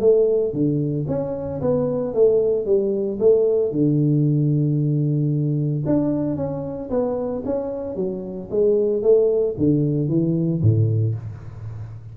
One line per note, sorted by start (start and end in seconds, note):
0.00 0.53 A3
0.53 1.06 D3
1.08 1.61 C#4
1.61 2.14 B3
2.14 2.66 A3
2.66 3.19 G3
3.20 3.72 A3
3.72 5.84 D3
5.86 6.36 D4
6.36 6.90 C#4
6.90 7.43 B3
7.45 7.96 C#4
7.96 8.49 F#3
8.51 9.02 G#3
9.02 9.55 A3
9.57 10.08 D3
10.08 10.61 E3
10.62 11.15 A2